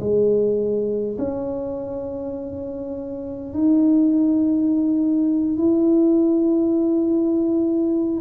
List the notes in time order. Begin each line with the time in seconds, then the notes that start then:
0.00 G#3
1.18 C#4
3.53 D#4
5.57 E4